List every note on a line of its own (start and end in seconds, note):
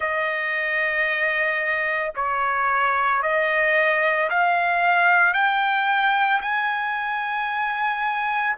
0.00 2.12 D#5
2.15 3.22 C#5
3.22 4.29 D#5
4.30 5.33 F5
5.33 6.40 G5
6.41 8.56 G#5